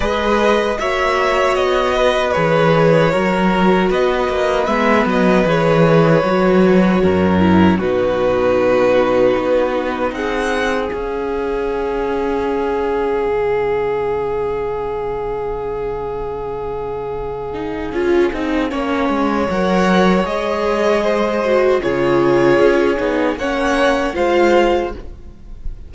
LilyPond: <<
  \new Staff \with { instrumentName = "violin" } { \time 4/4 \tempo 4 = 77 dis''4 e''4 dis''4 cis''4~ | cis''4 dis''4 e''8 dis''8 cis''4~ | cis''2 b'2~ | b'4 fis''4 f''2~ |
f''1~ | f''1~ | f''4 fis''4 dis''2 | cis''2 fis''4 f''4 | }
  \new Staff \with { instrumentName = "violin" } { \time 4/4 b'4 cis''4. b'4. | ais'4 b'2.~ | b'4 ais'4 fis'2~ | fis'4 gis'2.~ |
gis'1~ | gis'1 | cis''2. c''4 | gis'2 cis''4 c''4 | }
  \new Staff \with { instrumentName = "viola" } { \time 4/4 gis'4 fis'2 gis'4 | fis'2 b4 gis'4 | fis'4. e'8 dis'2~ | dis'2 cis'2~ |
cis'1~ | cis'2~ cis'8 dis'8 f'8 dis'8 | cis'4 ais'4 gis'4. fis'8 | f'4. dis'8 cis'4 f'4 | }
  \new Staff \with { instrumentName = "cello" } { \time 4/4 gis4 ais4 b4 e4 | fis4 b8 ais8 gis8 fis8 e4 | fis4 fis,4 b,2 | b4 c'4 cis'2~ |
cis'4 cis2.~ | cis2. cis'8 c'8 | ais8 gis8 fis4 gis2 | cis4 cis'8 b8 ais4 gis4 | }
>>